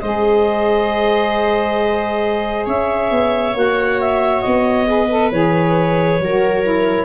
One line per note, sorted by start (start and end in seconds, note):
0.00 2.66 G#3
0.00 3.53 G#4
0.00 2.66 C5
0.00 2.65 D#5
2.66 3.10 C#4
2.66 4.87 C#5
2.66 3.56 E5
3.10 3.54 B3
3.53 4.42 A#3
3.53 4.85 F#4
3.53 4.01 F#5
4.01 4.41 E5
4.41 5.31 B3
4.41 5.29 D#5
4.85 5.07 G#4
4.85 6.23 B4
5.10 5.31 A4
5.31 6.19 E3
5.31 6.20 G#4
5.31 7.04 C#5
6.19 7.04 F#3
6.19 6.62 F#4
6.19 7.04 A#4
6.62 7.04 E4